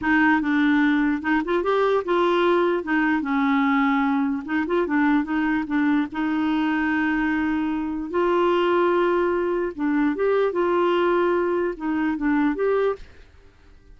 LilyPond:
\new Staff \with { instrumentName = "clarinet" } { \time 4/4 \tempo 4 = 148 dis'4 d'2 dis'8 f'8 | g'4 f'2 dis'4 | cis'2. dis'8 f'8 | d'4 dis'4 d'4 dis'4~ |
dis'1 | f'1 | d'4 g'4 f'2~ | f'4 dis'4 d'4 g'4 | }